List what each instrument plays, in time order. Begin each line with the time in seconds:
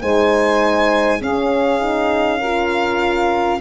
0.00 tuba G#3, horn D#4, saxophone C5, violin G#5
1.19 tuba C#4, horn C#4, saxophone G#4, violin F5
1.80 horn D#4
2.39 horn F4, saxophone A#4